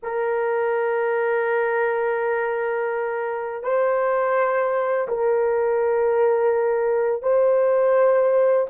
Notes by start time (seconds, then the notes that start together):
0.03 A#4
3.63 C5
5.08 A#4
7.22 C5